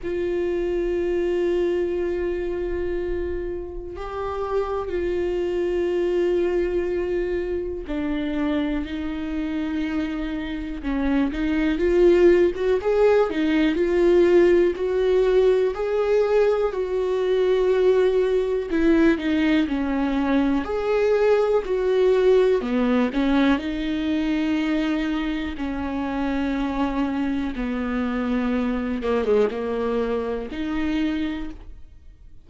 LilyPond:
\new Staff \with { instrumentName = "viola" } { \time 4/4 \tempo 4 = 61 f'1 | g'4 f'2. | d'4 dis'2 cis'8 dis'8 | f'8. fis'16 gis'8 dis'8 f'4 fis'4 |
gis'4 fis'2 e'8 dis'8 | cis'4 gis'4 fis'4 b8 cis'8 | dis'2 cis'2 | b4. ais16 gis16 ais4 dis'4 | }